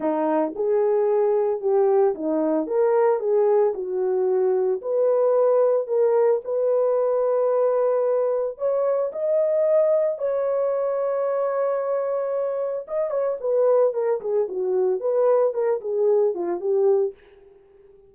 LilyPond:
\new Staff \with { instrumentName = "horn" } { \time 4/4 \tempo 4 = 112 dis'4 gis'2 g'4 | dis'4 ais'4 gis'4 fis'4~ | fis'4 b'2 ais'4 | b'1 |
cis''4 dis''2 cis''4~ | cis''1 | dis''8 cis''8 b'4 ais'8 gis'8 fis'4 | b'4 ais'8 gis'4 f'8 g'4 | }